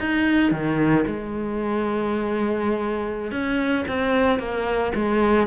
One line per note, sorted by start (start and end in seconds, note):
0.00 0.52 D#4
0.52 1.05 D#3
1.07 3.32 G#3
3.32 3.85 C#4
3.88 4.40 C4
4.40 4.93 A#3
4.95 5.47 G#3